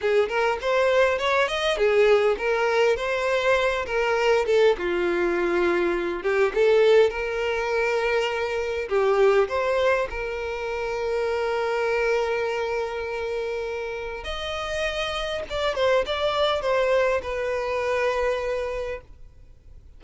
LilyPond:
\new Staff \with { instrumentName = "violin" } { \time 4/4 \tempo 4 = 101 gis'8 ais'8 c''4 cis''8 dis''8 gis'4 | ais'4 c''4. ais'4 a'8 | f'2~ f'8 g'8 a'4 | ais'2. g'4 |
c''4 ais'2.~ | ais'1 | dis''2 d''8 c''8 d''4 | c''4 b'2. | }